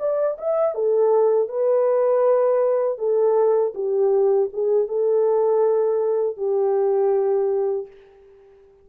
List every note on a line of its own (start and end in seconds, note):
0.00 0.38 D5
0.39 0.75 E5
0.75 1.49 A4
1.49 2.99 B4
2.99 3.74 A4
3.75 4.50 G4
4.54 4.88 G#4
4.88 6.38 A4
6.38 7.88 G4